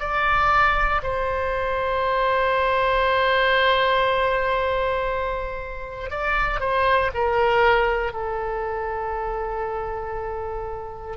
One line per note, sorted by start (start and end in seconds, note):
0.00 1.02 D5
1.03 6.11 C5
6.11 6.61 D5
6.61 7.11 C5
7.15 8.13 A#4
8.13 11.17 A4